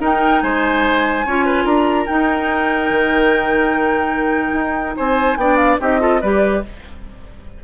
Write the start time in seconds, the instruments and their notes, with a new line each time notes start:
0.00 bassoon D#4, clarinet D#4, oboe A#4, flute G5
0.42 bassoon G#3, oboe C5, flute G#5
1.25 bassoon C#4, clarinet F4, oboe C#5
1.46 oboe B4
1.64 bassoon D4, oboe A#4, flute A#5
2.07 clarinet D#4, bassoon D#4, flute G5
2.90 bassoon D#3
4.53 bassoon D#4
4.97 bassoon C4, oboe C5, flute G#5
5.37 bassoon B3, clarinet D4, oboe D5, flute G5
5.57 flute F5
5.80 bassoon C4, clarinet D#4, oboe G4, flute D#5
6.00 clarinet F4, oboe A4
6.21 bassoon G3, clarinet G4, oboe B4, flute D5